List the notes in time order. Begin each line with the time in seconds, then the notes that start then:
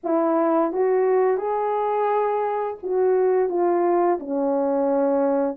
0.03 E4
0.72 F#4
1.37 G#4
2.82 F#4
3.49 F4
4.19 C#4